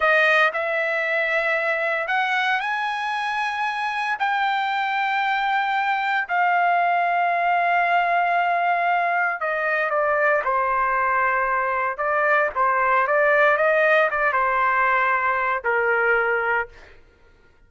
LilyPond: \new Staff \with { instrumentName = "trumpet" } { \time 4/4 \tempo 4 = 115 dis''4 e''2. | fis''4 gis''2. | g''1 | f''1~ |
f''2 dis''4 d''4 | c''2. d''4 | c''4 d''4 dis''4 d''8 c''8~ | c''2 ais'2 | }